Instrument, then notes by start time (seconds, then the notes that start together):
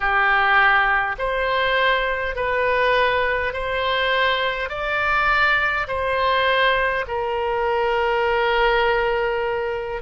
oboe
0.00 G4
1.18 C5
2.35 B4
3.53 C5
4.68 D5
5.87 C5
7.07 A#4